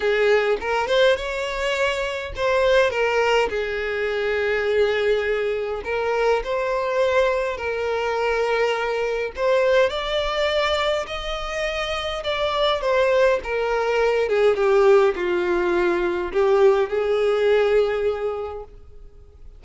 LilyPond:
\new Staff \with { instrumentName = "violin" } { \time 4/4 \tempo 4 = 103 gis'4 ais'8 c''8 cis''2 | c''4 ais'4 gis'2~ | gis'2 ais'4 c''4~ | c''4 ais'2. |
c''4 d''2 dis''4~ | dis''4 d''4 c''4 ais'4~ | ais'8 gis'8 g'4 f'2 | g'4 gis'2. | }